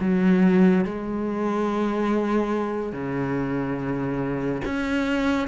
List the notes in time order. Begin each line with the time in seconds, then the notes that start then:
0.00 F#3
0.85 G#3
2.92 C#3
4.64 C#4